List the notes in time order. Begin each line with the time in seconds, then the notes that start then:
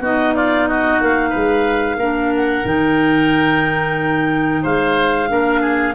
0.00 B3 D#4 F#4 D#5
0.35 F4 D5
0.68 F#4 D#5
1.01 A#3 F5
1.30 G#3 B4
1.96 A#3 D4 A#4
2.36 F#5
2.65 D#3 D#4 G5
4.62 G#3 C5 F5
5.28 A#3 D4 A#4
5.61 G#4